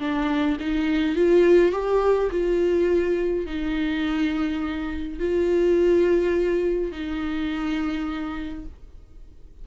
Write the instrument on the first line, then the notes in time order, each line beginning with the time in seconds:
viola
0.00 D4
0.60 D#4
1.16 F4
1.73 G4
2.31 F4
3.46 D#4
5.20 F4
6.92 D#4